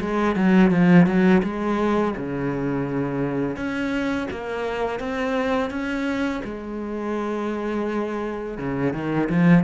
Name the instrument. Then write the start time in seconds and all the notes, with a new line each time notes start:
cello
0.00 G#3
0.35 F#3
0.70 F3
1.06 F#3
1.43 G#3
2.16 C#3
3.56 C#4
4.30 A#3
4.99 C4
5.70 C#4
6.44 G#3
8.58 C#3
8.93 D#3
9.29 F3